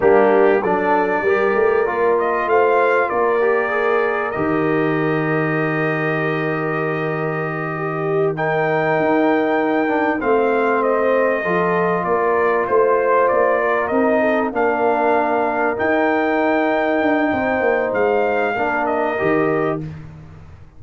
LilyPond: <<
  \new Staff \with { instrumentName = "trumpet" } { \time 4/4 \tempo 4 = 97 g'4 d''2~ d''8 dis''8 | f''4 d''2 dis''4~ | dis''1~ | dis''4. g''2~ g''8~ |
g''8 f''4 dis''2 d''8~ | d''8 c''4 d''4 dis''4 f''8~ | f''4. g''2~ g''8~ | g''4 f''4. dis''4. | }
  \new Staff \with { instrumentName = "horn" } { \time 4/4 d'4 a'4 ais'2 | c''4 ais'2.~ | ais'1~ | ais'8 g'4 ais'2~ ais'8~ |
ais'8 c''2 a'4 ais'8~ | ais'8 c''4. ais'4 a'8 ais'8~ | ais'1 | c''2 ais'2 | }
  \new Staff \with { instrumentName = "trombone" } { \time 4/4 ais4 d'4 g'4 f'4~ | f'4. g'8 gis'4 g'4~ | g'1~ | g'4. dis'2~ dis'8 |
d'8 c'2 f'4.~ | f'2~ f'8 dis'4 d'8~ | d'4. dis'2~ dis'8~ | dis'2 d'4 g'4 | }
  \new Staff \with { instrumentName = "tuba" } { \time 4/4 g4 fis4 g8 a8 ais4 | a4 ais2 dis4~ | dis1~ | dis2~ dis8 dis'4.~ |
dis'8 a2 f4 ais8~ | ais8 a4 ais4 c'4 ais8~ | ais4. dis'2 d'8 | c'8 ais8 gis4 ais4 dis4 | }
>>